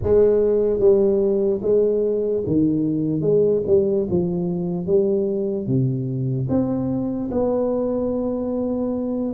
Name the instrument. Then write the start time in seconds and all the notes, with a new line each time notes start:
tuba
0.03 G#3
0.79 G3
1.62 G#3
2.46 D#3
3.21 G#3
3.66 G3
4.10 F3
4.86 G3
5.66 C3
6.49 C4
7.31 B3